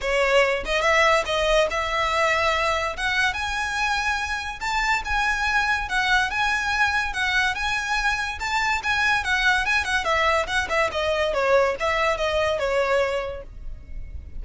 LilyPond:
\new Staff \with { instrumentName = "violin" } { \time 4/4 \tempo 4 = 143 cis''4. dis''8 e''4 dis''4 | e''2. fis''4 | gis''2. a''4 | gis''2 fis''4 gis''4~ |
gis''4 fis''4 gis''2 | a''4 gis''4 fis''4 gis''8 fis''8 | e''4 fis''8 e''8 dis''4 cis''4 | e''4 dis''4 cis''2 | }